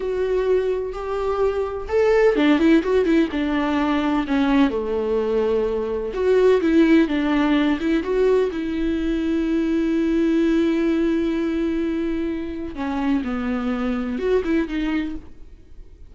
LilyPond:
\new Staff \with { instrumentName = "viola" } { \time 4/4 \tempo 4 = 127 fis'2 g'2 | a'4 d'8 e'8 fis'8 e'8 d'4~ | d'4 cis'4 a2~ | a4 fis'4 e'4 d'4~ |
d'8 e'8 fis'4 e'2~ | e'1~ | e'2. cis'4 | b2 fis'8 e'8 dis'4 | }